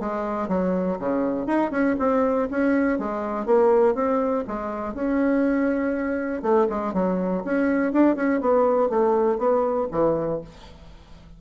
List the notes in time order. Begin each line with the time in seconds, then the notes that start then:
0.00 G#3
0.48 F#3
0.99 C#3
1.47 D#4
1.71 C#4
1.99 C4
2.50 C#4
2.99 G#3
3.46 A#3
3.95 C4
4.47 G#3
4.94 C#4
6.42 A3
6.69 G#3
6.94 F#3
7.45 C#4
7.92 D4
8.16 C#4
8.41 B3
8.90 A3
9.38 B3
9.92 E3